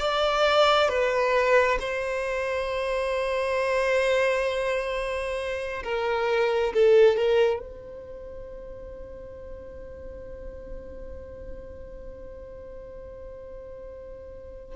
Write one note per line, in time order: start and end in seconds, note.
0.00 0.89 D5
0.89 1.79 B4
1.80 5.83 C5
5.84 6.74 A#4
6.74 7.17 A4
7.17 7.60 A#4
7.60 14.76 C5